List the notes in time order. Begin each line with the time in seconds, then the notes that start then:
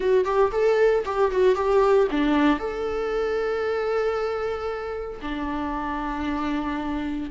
0.00 F#4
0.25 G4
0.51 A4
1.05 G4
1.31 F#4
1.55 G4
2.11 D4
2.59 A4
5.21 D4